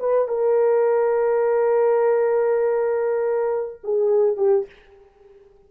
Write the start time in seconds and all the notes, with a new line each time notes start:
0.00 B4
0.28 A#4
3.84 G#4
4.37 G4